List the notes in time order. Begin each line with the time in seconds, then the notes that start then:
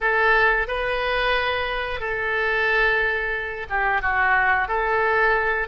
0.01 A4
0.67 B4
2.00 A4
3.69 G4
4.01 F#4
4.68 A4